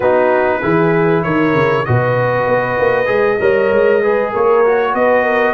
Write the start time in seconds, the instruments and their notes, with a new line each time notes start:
0.00 tuba B3, trombone D#4, horn F#4, trumpet B4
0.61 tuba E3, trombone E4, horn G#4
1.23 tuba D#3, horn A#4, trumpet C#5
1.53 tuba C#3
1.85 tuba B2, trombone F#4, horn B4, trumpet D#5
2.47 tuba B3
2.78 tuba A#3
3.06 tuba G#3, trombone G#4
3.39 tuba G3, trombone A#4, horn C#5
3.71 tuba G#3
4.02 trombone G#4, horn B4
4.30 tuba A#3, horn A#4, trumpet C#5
4.65 trombone F#4
4.94 tuba B3, horn B4, trumpet D#5
5.23 horn A#4